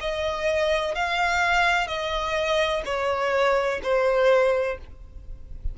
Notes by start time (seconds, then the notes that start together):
0.00 D#5
0.94 F5
1.87 D#5
2.85 C#5
3.83 C5